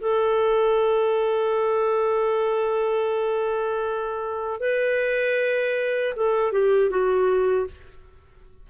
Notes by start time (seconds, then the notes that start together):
0.00 A4
4.60 B4
6.16 A4
6.51 G4
6.90 F#4